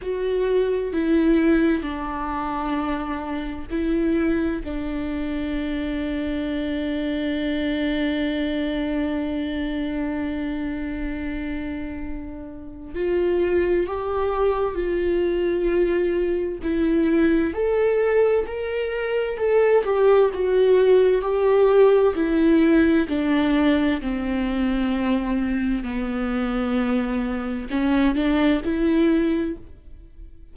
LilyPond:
\new Staff \with { instrumentName = "viola" } { \time 4/4 \tempo 4 = 65 fis'4 e'4 d'2 | e'4 d'2.~ | d'1~ | d'2 f'4 g'4 |
f'2 e'4 a'4 | ais'4 a'8 g'8 fis'4 g'4 | e'4 d'4 c'2 | b2 cis'8 d'8 e'4 | }